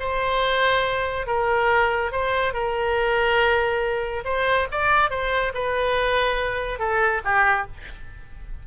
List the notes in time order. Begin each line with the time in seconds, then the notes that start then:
0.00 C5
1.27 A#4
2.12 C5
2.54 A#4
4.25 C5
4.72 D5
5.10 C5
5.55 B4
6.79 A4
7.25 G4